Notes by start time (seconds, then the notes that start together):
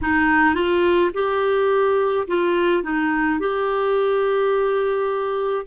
0.01 D#4
0.54 F4
1.13 G4
2.27 F4
2.83 D#4
3.39 G4